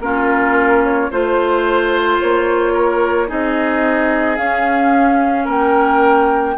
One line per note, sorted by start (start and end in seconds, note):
0.00 1.09 A#3
0.00 1.12 C#4
0.00 1.11 F4
0.00 0.83 A#4
0.84 1.11 C#5
1.11 2.21 A3
1.11 3.28 F4
1.11 2.73 C5
1.11 2.20 C5
2.20 3.31 A#3
2.20 3.29 C#5
2.73 3.28 A#4
3.28 4.39 C4
3.28 4.37 D#4
3.28 5.45 G#4
3.28 4.37 D#5
4.37 6.56 C#4
4.37 5.47 C#4
4.37 5.46 F5
5.45 6.57 A#3
5.45 6.54 A#4
5.45 6.58 G5